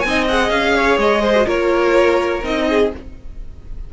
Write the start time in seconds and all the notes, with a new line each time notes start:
0.00 C4 G#5
0.06 D#4 D#5
0.28 G#4 F#5
0.50 C#4 F5
0.74 C#5
0.97 G#3 D#5
1.22 C5
1.35 F#4
1.45 A#3 F4 A#4 C#5
2.43 C4 D#4 D#5
2.69 G#4